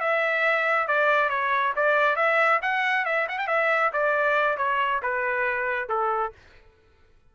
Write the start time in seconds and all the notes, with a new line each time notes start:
0.00 E5
0.88 D5
1.29 C#5
1.76 D5
2.16 E5
2.62 F#5
3.05 E5
3.28 F#5
3.38 G5
3.47 E5
3.93 D5
4.57 C#5
5.02 B4
5.89 A4